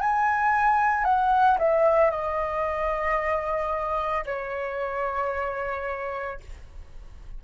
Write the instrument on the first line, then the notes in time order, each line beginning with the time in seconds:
flute
0.00 G#5
1.04 F#5
1.58 E5
2.10 D#5
4.25 C#5